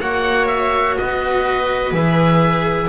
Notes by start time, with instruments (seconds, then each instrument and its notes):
0.00 double bass A#3, cello F#4, viola C#5, oboe F#5
0.46 oboe E5
0.97 double bass B3, viola B4, oboe D#5
1.91 double bass E3, cello G#4, oboe E5